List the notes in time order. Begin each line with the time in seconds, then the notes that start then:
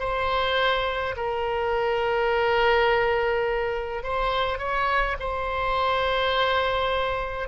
0.00 C5
1.17 A#4
4.04 C5
4.59 C#5
5.20 C5